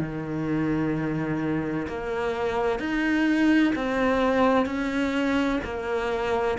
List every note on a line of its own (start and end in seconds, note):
0.00 1.87 D#3
1.88 2.80 A#3
2.80 3.74 D#4
3.76 4.66 C4
4.66 5.60 C#4
5.65 6.58 A#3